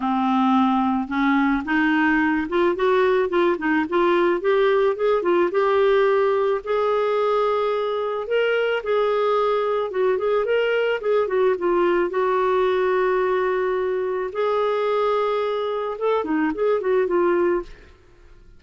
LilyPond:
\new Staff \with { instrumentName = "clarinet" } { \time 4/4 \tempo 4 = 109 c'2 cis'4 dis'4~ | dis'8 f'8 fis'4 f'8 dis'8 f'4 | g'4 gis'8 f'8 g'2 | gis'2. ais'4 |
gis'2 fis'8 gis'8 ais'4 | gis'8 fis'8 f'4 fis'2~ | fis'2 gis'2~ | gis'4 a'8 dis'8 gis'8 fis'8 f'4 | }